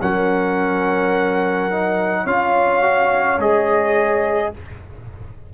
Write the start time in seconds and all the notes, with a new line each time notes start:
0.00 F#3 C#4 A#4 F#5
1.70 D#4
2.23 C#4 F4 C#5 F5
2.82 F#4
3.38 G#3 G#4 D#5